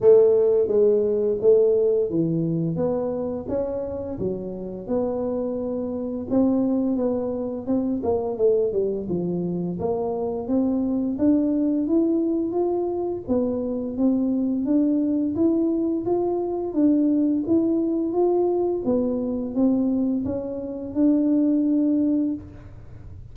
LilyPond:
\new Staff \with { instrumentName = "tuba" } { \time 4/4 \tempo 4 = 86 a4 gis4 a4 e4 | b4 cis'4 fis4 b4~ | b4 c'4 b4 c'8 ais8 | a8 g8 f4 ais4 c'4 |
d'4 e'4 f'4 b4 | c'4 d'4 e'4 f'4 | d'4 e'4 f'4 b4 | c'4 cis'4 d'2 | }